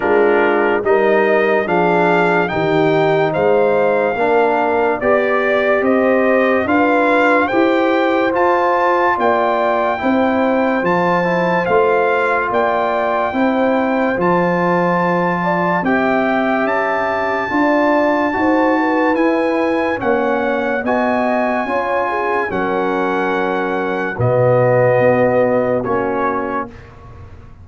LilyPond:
<<
  \new Staff \with { instrumentName = "trumpet" } { \time 4/4 \tempo 4 = 72 ais'4 dis''4 f''4 g''4 | f''2 d''4 dis''4 | f''4 g''4 a''4 g''4~ | g''4 a''4 f''4 g''4~ |
g''4 a''2 g''4 | a''2. gis''4 | fis''4 gis''2 fis''4~ | fis''4 dis''2 cis''4 | }
  \new Staff \with { instrumentName = "horn" } { \time 4/4 f'4 ais'4 gis'4 g'4 | c''4 ais'4 d''4 c''4 | b'4 c''2 d''4 | c''2. d''4 |
c''2~ c''8 d''8 e''4~ | e''4 d''4 c''8 b'4. | cis''4 dis''4 cis''8 gis'8 ais'4~ | ais'4 fis'2. | }
  \new Staff \with { instrumentName = "trombone" } { \time 4/4 d'4 dis'4 d'4 dis'4~ | dis'4 d'4 g'2 | f'4 g'4 f'2 | e'4 f'8 e'8 f'2 |
e'4 f'2 g'4~ | g'4 f'4 fis'4 e'4 | cis'4 fis'4 f'4 cis'4~ | cis'4 b2 cis'4 | }
  \new Staff \with { instrumentName = "tuba" } { \time 4/4 gis4 g4 f4 dis4 | gis4 ais4 b4 c'4 | d'4 e'4 f'4 ais4 | c'4 f4 a4 ais4 |
c'4 f2 c'4 | cis'4 d'4 dis'4 e'4 | ais4 b4 cis'4 fis4~ | fis4 b,4 b4 ais4 | }
>>